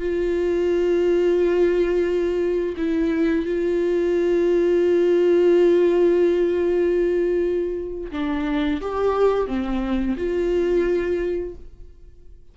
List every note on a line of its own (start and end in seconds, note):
0.00 2.76 F4
2.77 3.46 E4
3.46 8.11 F4
8.12 8.81 D4
8.82 9.48 G4
9.48 10.17 C4
10.18 11.55 F4